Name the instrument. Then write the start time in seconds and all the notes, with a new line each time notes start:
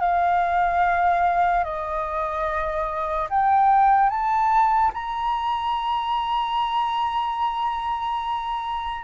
flute
0.00 F5
1.64 D#5
3.29 G5
4.09 A5
4.94 A#5